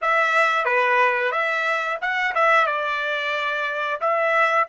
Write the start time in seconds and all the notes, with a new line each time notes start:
0.02 E5
0.65 B4
1.31 E5
2.01 F#5
2.34 E5
2.66 D5
4.00 E5